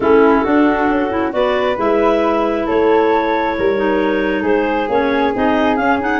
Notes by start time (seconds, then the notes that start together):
0.00 A3 C#4 E4 A4
0.43 D4 F#4
0.89 C#4
1.10 E4
1.31 B3 F#4 B4 D5
1.76 G#3 E4 E5
2.66 A3 A4 C#5
3.57 G3 A#4
3.76 D#4
4.42 G#3 G#4 C5
4.88 A#3 C#4 C#5
5.34 C4 D#4 D#5
5.75 C#4 F5
6.00 D#4 F#5